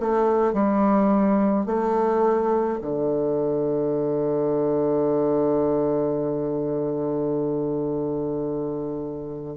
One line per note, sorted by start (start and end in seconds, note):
0.00 0.54 A3
0.54 1.66 G3
1.66 2.79 A3
2.81 9.57 D3